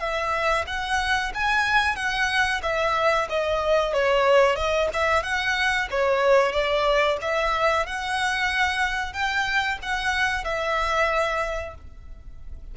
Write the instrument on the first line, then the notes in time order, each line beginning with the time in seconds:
violin
0.00 E5
0.67 F#5
1.34 G#5
1.96 F#5
2.63 E5
3.29 D#5
3.93 C#5
4.56 D#5
4.94 E5
5.23 F#5
5.91 C#5
6.52 D5
7.22 E5
7.86 F#5
9.13 G5
9.82 F#5
10.44 E5